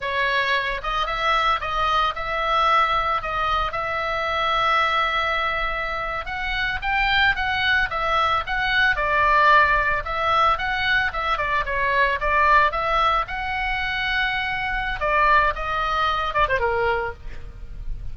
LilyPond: \new Staff \with { instrumentName = "oboe" } { \time 4/4 \tempo 4 = 112 cis''4. dis''8 e''4 dis''4 | e''2 dis''4 e''4~ | e''2.~ e''8. fis''16~ | fis''8. g''4 fis''4 e''4 fis''16~ |
fis''8. d''2 e''4 fis''16~ | fis''8. e''8 d''8 cis''4 d''4 e''16~ | e''8. fis''2.~ fis''16 | d''4 dis''4. d''16 c''16 ais'4 | }